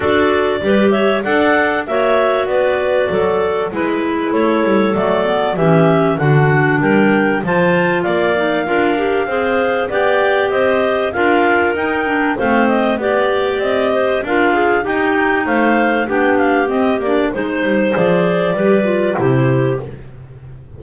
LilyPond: <<
  \new Staff \with { instrumentName = "clarinet" } { \time 4/4 \tempo 4 = 97 d''4. e''8 fis''4 e''4 | d''2 b'4 cis''4 | d''4 e''4 fis''4 g''4 | a''4 f''2. |
g''4 dis''4 f''4 g''4 | f''8 dis''8 d''4 dis''4 f''4 | g''4 f''4 g''8 f''8 dis''8 d''8 | c''4 d''2 c''4 | }
  \new Staff \with { instrumentName = "clarinet" } { \time 4/4 a'4 b'8 cis''8 d''4 cis''4 | b'4 a'4 b'4 a'4~ | a'4 g'4 fis'4 ais'4 | c''4 d''4 ais'4 c''4 |
d''4 c''4 ais'2 | c''4 d''4. c''8 ais'8 gis'8 | g'4 c''4 g'2 | c''2 b'4 g'4 | }
  \new Staff \with { instrumentName = "clarinet" } { \time 4/4 fis'4 g'4 a'4 fis'4~ | fis'2 e'2 | a8 b8 cis'4 d'2 | f'4. dis'8 f'8 g'8 gis'4 |
g'2 f'4 dis'8 d'8 | c'4 g'2 f'4 | dis'2 d'4 c'8 d'8 | dis'4 gis'4 g'8 f'8 e'4 | }
  \new Staff \with { instrumentName = "double bass" } { \time 4/4 d'4 g4 d'4 ais4 | b4 fis4 gis4 a8 g8 | fis4 e4 d4 g4 | f4 ais4 d'4 c'4 |
b4 c'4 d'4 dis'4 | a4 b4 c'4 d'4 | dis'4 a4 b4 c'8 ais8 | gis8 g8 f4 g4 c4 | }
>>